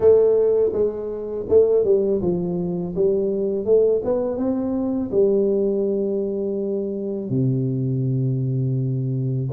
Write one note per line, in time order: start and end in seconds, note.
0.00 0.72 A3
0.73 1.46 G#3
1.48 1.84 A3
1.84 2.21 G3
2.21 2.94 F3
2.95 3.65 G3
3.65 4.01 A3
4.04 4.37 B3
4.37 5.10 C4
5.11 7.29 G3
7.29 9.49 C3